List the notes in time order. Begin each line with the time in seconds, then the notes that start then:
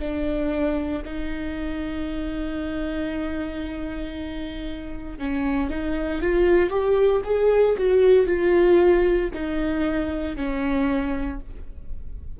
0.00 D4
1.05 D#4
5.19 C#4
5.70 D#4
6.22 F4
6.70 G4
7.25 G#4
7.78 F#4
8.27 F4
9.34 D#4
10.36 C#4